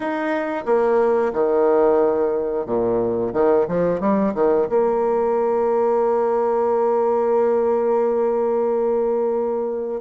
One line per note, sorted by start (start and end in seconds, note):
0.00 0.64 D#4
0.65 1.32 A#3
1.33 2.65 D#3
2.65 3.32 A#2
3.33 3.66 D#3
3.68 4.00 F3
4.00 4.33 G3
4.34 4.68 D#3
4.69 10.01 A#3